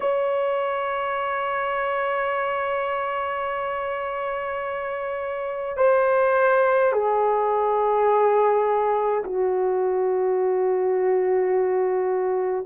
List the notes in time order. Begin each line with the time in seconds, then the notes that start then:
0.00 C#5
5.76 C5
6.92 G#4
9.24 F#4